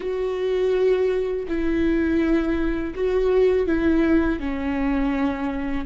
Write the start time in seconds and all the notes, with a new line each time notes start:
0.00 F#4
1.47 E4
2.95 F#4
3.67 E4
4.39 C#4